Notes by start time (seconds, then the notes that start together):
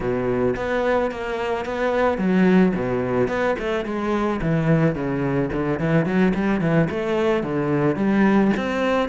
0.00 B2
0.56 B3
1.11 A#3
1.65 B3
2.17 F#3
2.75 B2
3.28 B3
3.58 A3
3.85 G#3
4.41 E3
4.95 C#3
5.52 D3
5.79 E3
6.06 F#3
6.34 G3
6.61 E3
6.90 A3
7.43 D3
7.96 G3
8.56 C4